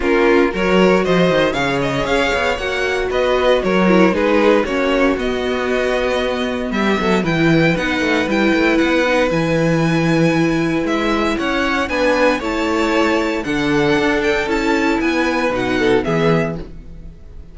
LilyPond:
<<
  \new Staff \with { instrumentName = "violin" } { \time 4/4 \tempo 4 = 116 ais'4 cis''4 dis''4 f''8 dis''8 | f''4 fis''4 dis''4 cis''4 | b'4 cis''4 dis''2~ | dis''4 e''4 g''4 fis''4 |
g''4 fis''4 gis''2~ | gis''4 e''4 fis''4 gis''4 | a''2 fis''4. g''8 | a''4 gis''4 fis''4 e''4 | }
  \new Staff \with { instrumentName = "violin" } { \time 4/4 f'4 ais'4 c''4 cis''4~ | cis''2 b'4 ais'4 | gis'4 fis'2.~ | fis'4 g'8 a'8 b'2~ |
b'1~ | b'2 cis''4 b'4 | cis''2 a'2~ | a'4 b'4. a'8 gis'4 | }
  \new Staff \with { instrumentName = "viola" } { \time 4/4 cis'4 fis'2 gis'4~ | gis'4 fis'2~ fis'8 e'8 | dis'4 cis'4 b2~ | b2 e'4 dis'4 |
e'4. dis'8 e'2~ | e'2. d'4 | e'2 d'2 | e'2 dis'4 b4 | }
  \new Staff \with { instrumentName = "cello" } { \time 4/4 ais4 fis4 f8 dis8 cis4 | cis'8 b8 ais4 b4 fis4 | gis4 ais4 b2~ | b4 g8 fis8 e4 b8 a8 |
g8 a8 b4 e2~ | e4 gis4 cis'4 b4 | a2 d4 d'4 | cis'4 b4 b,4 e4 | }
>>